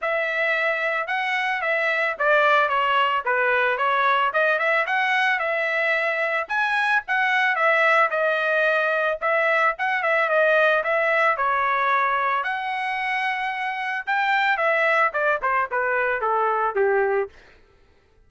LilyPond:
\new Staff \with { instrumentName = "trumpet" } { \time 4/4 \tempo 4 = 111 e''2 fis''4 e''4 | d''4 cis''4 b'4 cis''4 | dis''8 e''8 fis''4 e''2 | gis''4 fis''4 e''4 dis''4~ |
dis''4 e''4 fis''8 e''8 dis''4 | e''4 cis''2 fis''4~ | fis''2 g''4 e''4 | d''8 c''8 b'4 a'4 g'4 | }